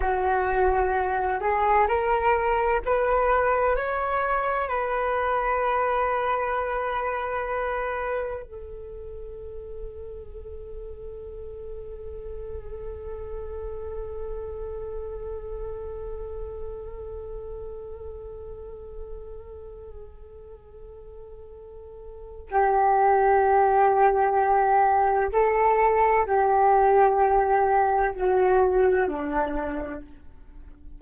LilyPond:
\new Staff \with { instrumentName = "flute" } { \time 4/4 \tempo 4 = 64 fis'4. gis'8 ais'4 b'4 | cis''4 b'2.~ | b'4 a'2.~ | a'1~ |
a'1~ | a'1 | g'2. a'4 | g'2 fis'4 d'4 | }